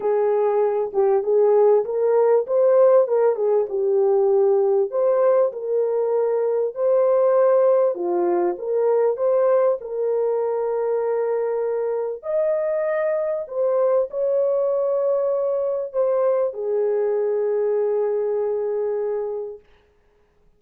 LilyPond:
\new Staff \with { instrumentName = "horn" } { \time 4/4 \tempo 4 = 98 gis'4. g'8 gis'4 ais'4 | c''4 ais'8 gis'8 g'2 | c''4 ais'2 c''4~ | c''4 f'4 ais'4 c''4 |
ais'1 | dis''2 c''4 cis''4~ | cis''2 c''4 gis'4~ | gis'1 | }